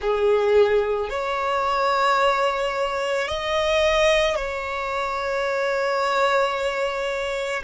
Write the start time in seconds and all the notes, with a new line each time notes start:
0.01 G#4
1.09 C#5
3.27 D#5
4.35 C#5